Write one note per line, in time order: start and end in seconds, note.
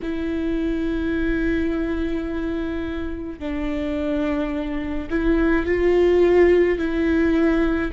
0.02 3.39 E4
3.39 5.08 D4
5.09 5.66 E4
5.66 6.78 F4
6.78 7.91 E4